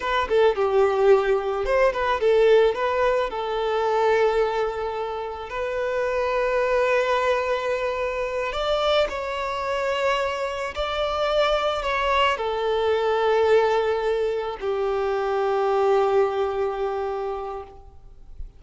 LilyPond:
\new Staff \with { instrumentName = "violin" } { \time 4/4 \tempo 4 = 109 b'8 a'8 g'2 c''8 b'8 | a'4 b'4 a'2~ | a'2 b'2~ | b'2.~ b'8 d''8~ |
d''8 cis''2. d''8~ | d''4. cis''4 a'4.~ | a'2~ a'8 g'4.~ | g'1 | }